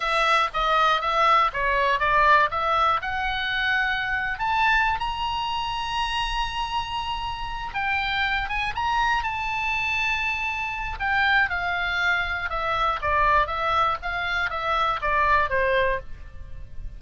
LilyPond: \new Staff \with { instrumentName = "oboe" } { \time 4/4 \tempo 4 = 120 e''4 dis''4 e''4 cis''4 | d''4 e''4 fis''2~ | fis''8. a''4~ a''16 ais''2~ | ais''2.~ ais''8 g''8~ |
g''4 gis''8 ais''4 a''4.~ | a''2 g''4 f''4~ | f''4 e''4 d''4 e''4 | f''4 e''4 d''4 c''4 | }